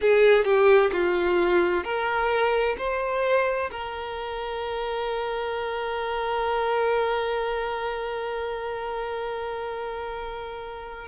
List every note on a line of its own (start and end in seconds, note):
0.01 0.44 G#4
0.44 0.90 G4
0.91 1.83 F4
1.83 2.76 A#4
2.78 3.70 C5
3.71 11.07 A#4